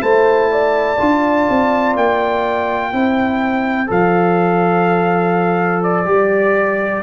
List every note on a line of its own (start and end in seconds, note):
0.00 0.98 A3
0.00 0.97 E4
0.00 0.50 C5
0.00 1.95 A5
0.51 2.91 D5
0.98 1.48 D4
0.98 2.92 F4
1.49 1.95 C4
1.95 2.92 A#3
1.95 3.90 G5
2.91 3.89 C4
2.91 3.87 E4
2.91 7.02 C5
3.87 6.06 F3
3.87 6.05 A4
3.87 5.83 F5
5.83 7.02 D5
6.05 7.02 G3
6.05 7.01 G4